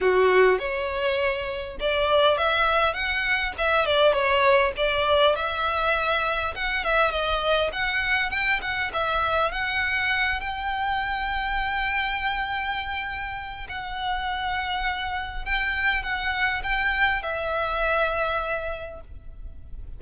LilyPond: \new Staff \with { instrumentName = "violin" } { \time 4/4 \tempo 4 = 101 fis'4 cis''2 d''4 | e''4 fis''4 e''8 d''8 cis''4 | d''4 e''2 fis''8 e''8 | dis''4 fis''4 g''8 fis''8 e''4 |
fis''4. g''2~ g''8~ | g''2. fis''4~ | fis''2 g''4 fis''4 | g''4 e''2. | }